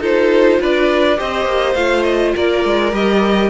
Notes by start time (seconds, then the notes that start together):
0.00 D#4 F4 A4 C5
0.60 D4 B4 D5
1.16 C4 G4 C5 D#5
1.45 A#3
1.74 A3 F4 F5
2.03 D#5
2.34 A#3 A#4 D5
2.65 G#3
2.92 G3 G4 D#5